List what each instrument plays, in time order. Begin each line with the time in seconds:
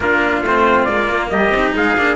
0.00 cello A#3 D4, trumpet F4 A#4
0.41 cello A3 C4, trumpet C5
0.84 cello G#3 A#3, trumpet D5
1.09 cello A#3
1.29 cello G3, trumpet G4 D#5
1.50 cello C4 D#4
1.75 cello G#3, trumpet G#4 F5
1.96 cello A#3 D4